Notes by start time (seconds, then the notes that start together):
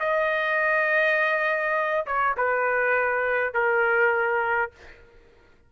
0.00 D#5
2.06 C#5
2.37 B4
3.54 A#4